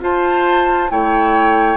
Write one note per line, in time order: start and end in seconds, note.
0.00 0.88 F4
0.00 0.89 F4
0.00 0.91 C5
0.00 0.90 A5
0.89 1.77 A3
0.89 1.77 E4
0.89 1.77 C#5
0.89 1.77 G5